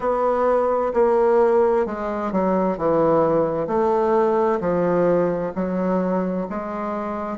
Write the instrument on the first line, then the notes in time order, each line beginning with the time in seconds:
bassoon
0.00 B3
0.93 A#3
1.86 G#3
2.32 F#3
2.77 E3
3.67 A3
4.60 F3
5.55 F#3
6.49 G#3